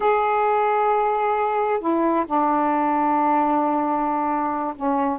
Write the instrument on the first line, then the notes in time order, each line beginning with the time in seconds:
saxophone
0.00 G#4
1.80 E4
2.26 D4
4.76 C#4